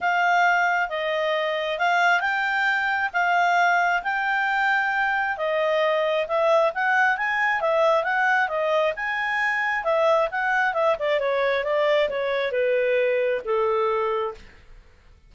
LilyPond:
\new Staff \with { instrumentName = "clarinet" } { \time 4/4 \tempo 4 = 134 f''2 dis''2 | f''4 g''2 f''4~ | f''4 g''2. | dis''2 e''4 fis''4 |
gis''4 e''4 fis''4 dis''4 | gis''2 e''4 fis''4 | e''8 d''8 cis''4 d''4 cis''4 | b'2 a'2 | }